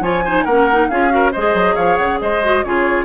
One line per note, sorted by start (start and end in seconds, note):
0.00 0.43 F3
0.00 0.24 F4
0.00 0.24 C#5
0.00 0.44 G#5
0.24 0.48 D#4
0.24 0.44 C5
0.44 0.89 A#3
0.44 0.71 C#4
0.44 0.87 A#4
0.44 0.88 F#5
0.71 0.91 D#4
0.88 1.33 C#4
0.88 1.09 F4
0.88 1.12 G#4
0.88 1.31 F5
1.09 1.31 F#4
1.09 1.32 A#4
1.32 1.53 G#3
1.32 2.42 G#4
1.32 1.75 C5
1.32 1.75 D#5
1.53 1.75 F#3
1.75 1.98 F3
1.75 2.18 C#5
1.75 1.97 F5
1.97 2.19 C#3
1.97 2.18 F#5
2.21 2.64 G#3
2.21 2.65 C5
2.21 2.63 D#5
2.42 2.64 F#4
2.63 3.05 C#3
2.63 3.05 F4
2.63 3.05 G#4
2.63 3.05 C#5